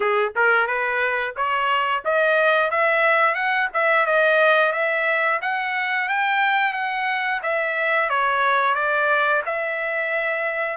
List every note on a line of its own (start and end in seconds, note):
0.00 0.33 G#4
0.36 0.67 A#4
0.67 1.34 B4
1.36 2.03 C#5
2.04 2.70 D#5
2.70 3.34 E5
3.34 3.68 F#5
3.73 4.06 E5
4.06 4.72 D#5
4.72 5.40 E5
5.41 6.09 F#5
6.09 6.73 G5
6.73 7.40 F#5
7.42 8.09 E5
8.09 8.75 C#5
8.75 9.42 D5
9.45 10.77 E5